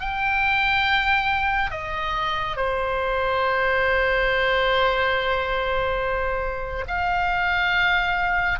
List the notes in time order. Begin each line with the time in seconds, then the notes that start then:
0.00 G5
1.71 D#5
2.56 C5
6.88 F5